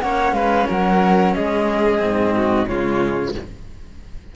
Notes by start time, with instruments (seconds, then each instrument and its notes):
0.00 cello A#3 C#4, violin C#5, flute F#5
0.32 cello G#3, violin B4, flute F5
0.68 cello F#3, violin A#4, flute F#5
1.34 cello G#3, violin G#4, flute D#5
1.99 cello G#2 C4
2.36 violin F#4
2.67 cello C#3 G#3, violin F4, flute C#5